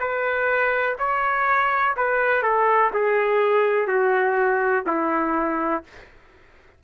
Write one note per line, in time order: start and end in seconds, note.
0.00 0.97 B4
0.99 1.95 C#5
1.97 2.43 B4
2.43 2.91 A4
2.94 3.88 G#4
3.88 4.84 F#4
4.87 5.84 E4